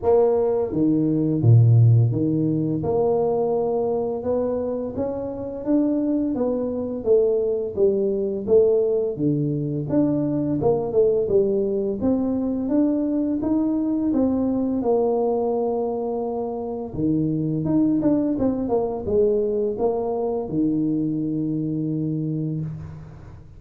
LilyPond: \new Staff \with { instrumentName = "tuba" } { \time 4/4 \tempo 4 = 85 ais4 dis4 ais,4 dis4 | ais2 b4 cis'4 | d'4 b4 a4 g4 | a4 d4 d'4 ais8 a8 |
g4 c'4 d'4 dis'4 | c'4 ais2. | dis4 dis'8 d'8 c'8 ais8 gis4 | ais4 dis2. | }